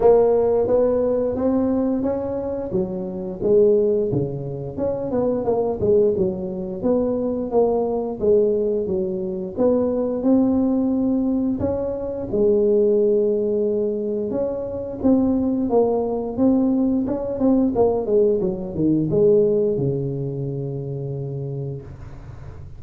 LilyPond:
\new Staff \with { instrumentName = "tuba" } { \time 4/4 \tempo 4 = 88 ais4 b4 c'4 cis'4 | fis4 gis4 cis4 cis'8 b8 | ais8 gis8 fis4 b4 ais4 | gis4 fis4 b4 c'4~ |
c'4 cis'4 gis2~ | gis4 cis'4 c'4 ais4 | c'4 cis'8 c'8 ais8 gis8 fis8 dis8 | gis4 cis2. | }